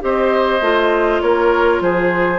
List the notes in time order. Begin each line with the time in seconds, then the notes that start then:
0.00 C4 G4 C5 D#5
0.61 A3 F4
1.21 A#3 A#4 C#5
1.81 F3 G#4 C5